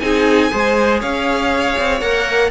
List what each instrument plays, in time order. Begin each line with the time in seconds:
0.00 cello C4, viola D#4, violin G#4 G#5
0.50 cello G#3, viola G#4, violin C5
1.00 cello C#4, violin C#5 F5
1.78 cello C4
2.00 cello A#3, viola A#4, violin F#5